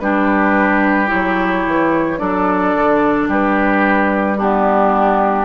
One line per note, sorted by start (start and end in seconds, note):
0.00 1.10 G3
0.00 1.07 D4
0.00 2.20 G4
0.00 1.09 B4
1.07 2.16 E4
1.07 2.19 C#5
1.13 1.67 F#3
1.67 2.21 E3
2.18 2.75 F#3
2.18 4.37 D4
2.18 3.29 A4
2.18 3.28 D5
2.75 3.28 D3
3.28 5.45 G3
3.28 4.37 G4
3.28 4.39 B4
4.37 5.45 B3
4.37 5.45 D4
4.37 5.45 G4